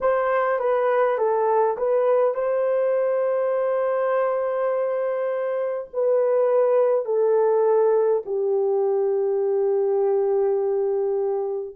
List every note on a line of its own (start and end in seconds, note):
0.00 0.59 C5
0.59 1.18 B4
1.18 1.76 A4
1.76 2.34 B4
2.34 5.87 C5
5.93 7.05 B4
7.05 8.22 A4
8.25 11.75 G4